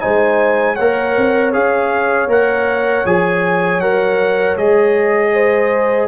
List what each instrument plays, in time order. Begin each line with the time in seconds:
0.00 tuba G#3, trombone D#4, horn C5, trumpet G#5
0.75 tuba A#3, horn C#5, trumpet F#5
0.81 trombone A#4
1.18 tuba C4
1.53 tuba C#4, trombone G#4, trumpet F5
2.28 tuba A#3, trombone A#4, trumpet F#5
3.06 tuba F3, trombone G#4, trumpet G#5
3.80 tuba F#3, trombone A#4, trumpet F#5
4.57 tuba G#3, trombone G#4, trumpet D#5
5.34 horn C5